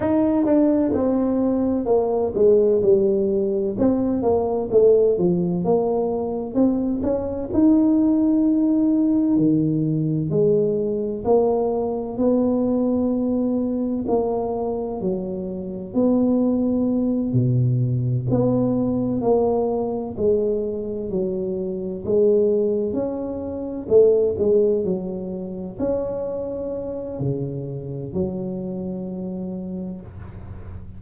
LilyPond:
\new Staff \with { instrumentName = "tuba" } { \time 4/4 \tempo 4 = 64 dis'8 d'8 c'4 ais8 gis8 g4 | c'8 ais8 a8 f8 ais4 c'8 cis'8 | dis'2 dis4 gis4 | ais4 b2 ais4 |
fis4 b4. b,4 b8~ | b8 ais4 gis4 fis4 gis8~ | gis8 cis'4 a8 gis8 fis4 cis'8~ | cis'4 cis4 fis2 | }